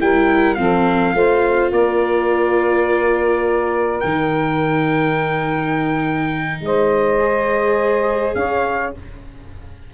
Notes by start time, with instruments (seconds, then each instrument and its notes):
0.00 tuba G3, viola E4, saxophone A#4, trumpet G5
0.55 tuba F3, viola C4, saxophone A4, trumpet F5
1.14 tuba A3, viola F4, saxophone C5
1.71 tuba A#3, saxophone A#4, trumpet D5
4.00 tuba D#3, viola D#4, trumpet G5
6.61 tuba G#3, saxophone C5, trumpet D#5
7.19 viola G#4
8.35 tuba C#4, saxophone C#5, trumpet F5